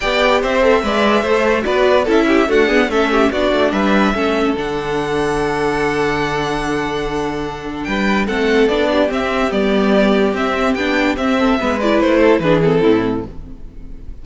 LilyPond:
<<
  \new Staff \with { instrumentName = "violin" } { \time 4/4 \tempo 4 = 145 g''4 e''2. | d''4 e''4 fis''4 e''4 | d''4 e''2 fis''4~ | fis''1~ |
fis''2. g''4 | fis''4 d''4 e''4 d''4~ | d''4 e''4 g''4 e''4~ | e''8 d''8 c''4 b'8 a'4. | }
  \new Staff \with { instrumentName = "violin" } { \time 4/4 d''4 c''4 d''4 c''4 | b'4 a'8 g'8 fis'8 gis'8 a'8 g'8 | fis'4 b'4 a'2~ | a'1~ |
a'2. b'4 | a'4. g'2~ g'8~ | g'2.~ g'8 a'8 | b'4. a'8 gis'4 e'4 | }
  \new Staff \with { instrumentName = "viola" } { \time 4/4 g'4. a'8 b'4 a'4 | fis'4 e'4 a8 b8 cis'4 | d'2 cis'4 d'4~ | d'1~ |
d'1 | c'4 d'4 c'4 b4~ | b4 c'4 d'4 c'4 | b8 e'4. d'8 c'4. | }
  \new Staff \with { instrumentName = "cello" } { \time 4/4 b4 c'4 gis4 a4 | b4 cis'4 d'4 a4 | b8 a8 g4 a4 d4~ | d1~ |
d2. g4 | a4 b4 c'4 g4~ | g4 c'4 b4 c'4 | gis4 a4 e4 a,4 | }
>>